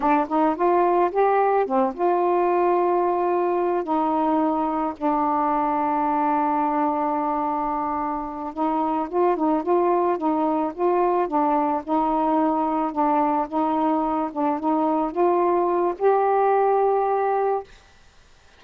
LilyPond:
\new Staff \with { instrumentName = "saxophone" } { \time 4/4 \tempo 4 = 109 d'8 dis'8 f'4 g'4 c'8 f'8~ | f'2. dis'4~ | dis'4 d'2.~ | d'2.~ d'8 dis'8~ |
dis'8 f'8 dis'8 f'4 dis'4 f'8~ | f'8 d'4 dis'2 d'8~ | d'8 dis'4. d'8 dis'4 f'8~ | f'4 g'2. | }